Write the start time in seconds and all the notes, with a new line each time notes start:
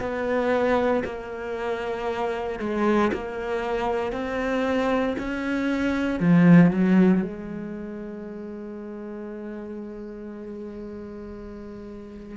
0.00 B3
1.05 A#3
2.60 G#3
3.13 A#3
4.13 C4
5.19 C#4
6.20 F3
6.71 F#3
7.22 G#3